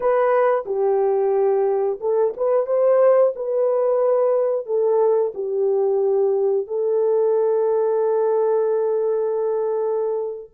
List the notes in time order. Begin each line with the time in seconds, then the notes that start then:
0.00 B4
0.65 G4
2.00 A4
2.36 B4
2.66 C5
3.35 B4
4.65 A4
5.34 G4
6.67 A4